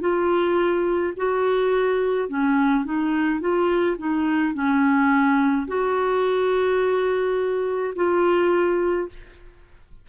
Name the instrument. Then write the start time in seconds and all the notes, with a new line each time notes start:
clarinet
0.00 F4
1.17 F#4
2.29 C#4
2.85 D#4
3.40 F4
3.98 D#4
4.54 C#4
5.68 F#4
7.96 F4